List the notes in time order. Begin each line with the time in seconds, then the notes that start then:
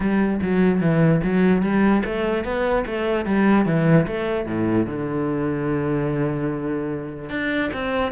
0.00 G3
0.42 F#3
0.80 E3
1.23 F#3
1.62 G3
2.05 A3
2.44 B3
2.86 A3
3.25 G3
3.65 E3
4.07 A3
4.46 A2
4.86 D3
7.29 D4
7.73 C4